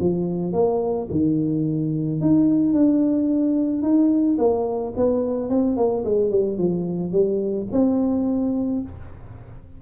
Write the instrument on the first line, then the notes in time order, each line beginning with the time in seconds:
tuba
0.00 F3
0.53 A#3
1.11 D#3
2.21 D#4
2.73 D4
3.83 D#4
4.39 A#3
4.96 B3
5.50 C4
5.77 A#3
6.05 G#3
6.31 G3
6.58 F3
7.12 G3
7.72 C4